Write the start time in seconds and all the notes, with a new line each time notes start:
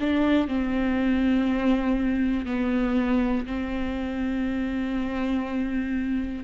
0.00 D4
0.47 C4
2.45 B3
3.46 C4